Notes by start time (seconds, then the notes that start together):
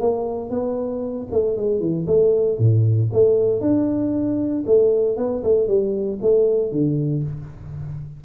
0.00 A#3
0.50 B3
1.31 A3
1.57 G#3
1.80 E3
2.07 A3
2.58 A2
3.12 A3
3.61 D4
4.66 A3
5.17 B3
5.43 A3
5.67 G3
6.21 A3
6.71 D3